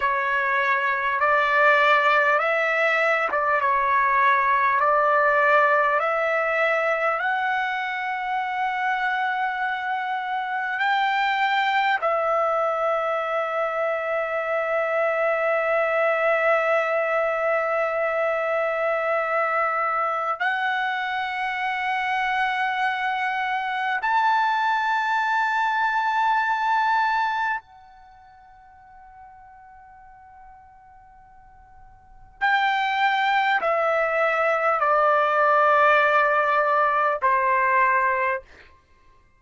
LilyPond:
\new Staff \with { instrumentName = "trumpet" } { \time 4/4 \tempo 4 = 50 cis''4 d''4 e''8. d''16 cis''4 | d''4 e''4 fis''2~ | fis''4 g''4 e''2~ | e''1~ |
e''4 fis''2. | a''2. fis''4~ | fis''2. g''4 | e''4 d''2 c''4 | }